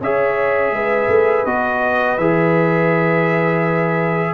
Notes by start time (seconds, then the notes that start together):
0.00 C#4 G#4 C#5 E5
0.71 G#3 B4
1.07 A3
1.45 B3 F#4 D#5
2.17 E3 G#4 E5